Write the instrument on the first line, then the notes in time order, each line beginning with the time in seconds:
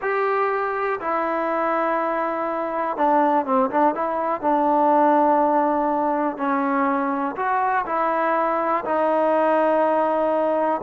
trombone
0.01 G4
1.00 E4
2.97 D4
3.45 C4
3.70 D4
3.94 E4
4.41 D4
6.37 C#4
7.35 F#4
7.86 E4
8.84 D#4